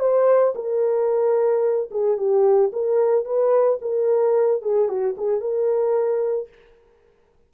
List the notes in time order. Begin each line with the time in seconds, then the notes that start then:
0.00 C5
0.55 A#4
1.91 G#4
2.17 G4
2.73 A#4
3.25 B4
3.82 A#4
4.62 G#4
4.89 F#4
5.18 G#4
5.41 A#4